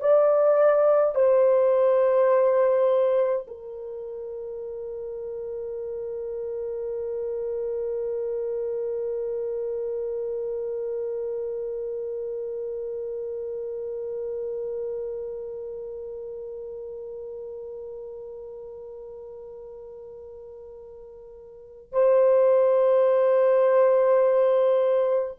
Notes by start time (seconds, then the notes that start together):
0.00 D5
1.15 C5
3.47 A#4
21.92 C5